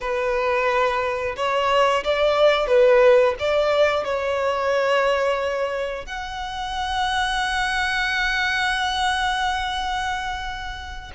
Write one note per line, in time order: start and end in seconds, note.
0.00 1.35 B4
1.36 2.03 C#5
2.03 2.67 D5
2.67 3.34 B4
3.39 4.04 D5
4.04 6.06 C#5
6.06 11.11 F#5